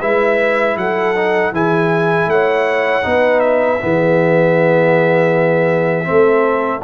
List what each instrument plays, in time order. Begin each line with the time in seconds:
0.00 tuba G#3, trombone E4, horn B4, trumpet E5
0.77 tuba F#3, horn A4, trumpet F#5
1.16 trombone D#4
1.52 tuba E3, trombone E4, horn G#4, trumpet G#5
2.27 tuba A3, horn C#5, trumpet F#5
3.03 tuba B3, trombone D#4, horn B4
3.40 trumpet E5
3.80 tuba E3, trombone B3, horn G#4
6.04 tuba A3, trombone C4, horn A4